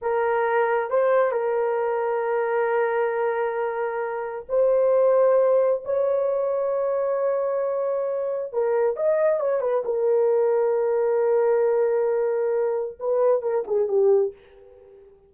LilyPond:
\new Staff \with { instrumentName = "horn" } { \time 4/4 \tempo 4 = 134 ais'2 c''4 ais'4~ | ais'1~ | ais'2 c''2~ | c''4 cis''2.~ |
cis''2. ais'4 | dis''4 cis''8 b'8 ais'2~ | ais'1~ | ais'4 b'4 ais'8 gis'8 g'4 | }